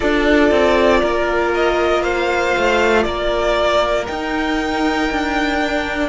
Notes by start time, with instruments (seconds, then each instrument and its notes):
0.00 cello D4, viola F4, violin A4 D5
0.50 cello C4
1.00 cello A#3, violin A#4
1.54 violin D#5
2.01 violin C5 F5
2.57 cello A3
3.02 cello A#3, violin A#4 D5
4.07 viola D#4, cello D#4, violin G5
5.11 cello D4
5.60 viola D4